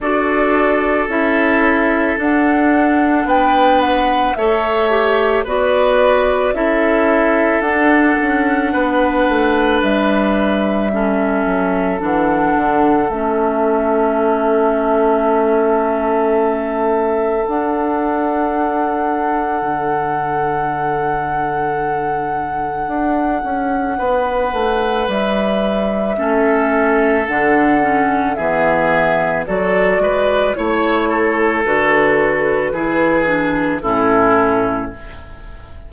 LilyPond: <<
  \new Staff \with { instrumentName = "flute" } { \time 4/4 \tempo 4 = 55 d''4 e''4 fis''4 g''8 fis''8 | e''4 d''4 e''4 fis''4~ | fis''4 e''2 fis''4 | e''1 |
fis''1~ | fis''2. e''4~ | e''4 fis''4 e''4 d''4 | cis''4 b'2 a'4 | }
  \new Staff \with { instrumentName = "oboe" } { \time 4/4 a'2. b'4 | cis''4 b'4 a'2 | b'2 a'2~ | a'1~ |
a'1~ | a'2 b'2 | a'2 gis'4 a'8 b'8 | cis''8 a'4. gis'4 e'4 | }
  \new Staff \with { instrumentName = "clarinet" } { \time 4/4 fis'4 e'4 d'2 | a'8 g'8 fis'4 e'4 d'4~ | d'2 cis'4 d'4 | cis'1 |
d'1~ | d'1 | cis'4 d'8 cis'8 b4 fis'4 | e'4 fis'4 e'8 d'8 cis'4 | }
  \new Staff \with { instrumentName = "bassoon" } { \time 4/4 d'4 cis'4 d'4 b4 | a4 b4 cis'4 d'8 cis'8 | b8 a8 g4. fis8 e8 d8 | a1 |
d'2 d2~ | d4 d'8 cis'8 b8 a8 g4 | a4 d4 e4 fis8 gis8 | a4 d4 e4 a,4 | }
>>